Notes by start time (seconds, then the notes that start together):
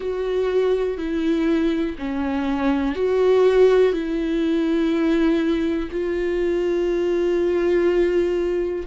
0.00 F#4
0.97 E4
1.98 C#4
2.95 F#4
3.92 E4
5.91 F4